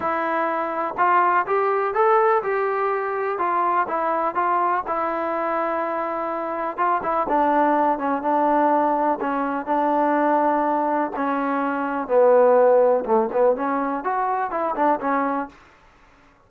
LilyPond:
\new Staff \with { instrumentName = "trombone" } { \time 4/4 \tempo 4 = 124 e'2 f'4 g'4 | a'4 g'2 f'4 | e'4 f'4 e'2~ | e'2 f'8 e'8 d'4~ |
d'8 cis'8 d'2 cis'4 | d'2. cis'4~ | cis'4 b2 a8 b8 | cis'4 fis'4 e'8 d'8 cis'4 | }